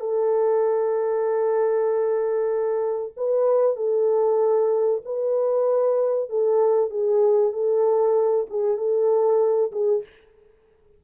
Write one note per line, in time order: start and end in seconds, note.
0.00 3.12 A4
3.16 3.76 B4
3.76 5.01 A4
5.05 6.29 B4
6.29 6.90 A4
6.90 7.52 G#4
7.52 8.46 A4
8.49 8.77 G#4
8.77 9.71 A4
9.72 10.03 G#4